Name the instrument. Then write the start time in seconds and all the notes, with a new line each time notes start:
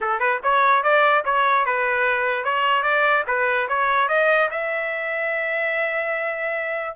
trumpet
0.00 A4
0.19 B4
0.43 C#5
0.83 D5
1.24 C#5
1.65 B4
2.44 C#5
2.82 D5
3.27 B4
3.68 C#5
4.08 D#5
4.50 E5